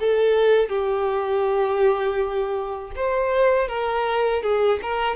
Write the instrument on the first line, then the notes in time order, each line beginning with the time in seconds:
violin
0.00 A4
0.69 G4
2.96 C5
3.68 A#4
4.43 G#4
4.82 A#4